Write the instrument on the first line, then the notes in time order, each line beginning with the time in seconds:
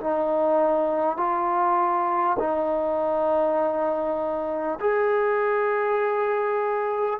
trombone
0.00 D#4
1.17 F4
2.39 D#4
4.80 G#4